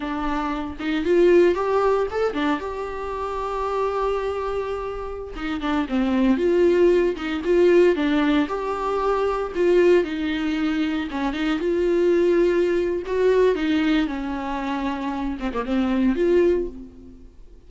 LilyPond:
\new Staff \with { instrumentName = "viola" } { \time 4/4 \tempo 4 = 115 d'4. dis'8 f'4 g'4 | a'8 d'8 g'2.~ | g'2~ g'16 dis'8 d'8 c'8.~ | c'16 f'4. dis'8 f'4 d'8.~ |
d'16 g'2 f'4 dis'8.~ | dis'4~ dis'16 cis'8 dis'8 f'4.~ f'16~ | f'4 fis'4 dis'4 cis'4~ | cis'4. c'16 ais16 c'4 f'4 | }